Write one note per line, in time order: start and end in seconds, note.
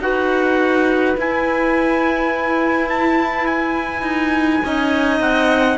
0.00 1.15 D#4
0.00 1.17 F#4
0.00 4.65 B4
0.00 1.17 F#5
1.18 4.64 E4
1.18 4.02 E4
1.18 2.90 G#5
2.90 3.46 A5
3.46 5.19 G#5
4.02 4.60 D#4
4.64 5.20 C#4
4.64 5.78 D#4
4.64 5.78 D#5
5.20 5.78 C4
5.20 5.78 F#5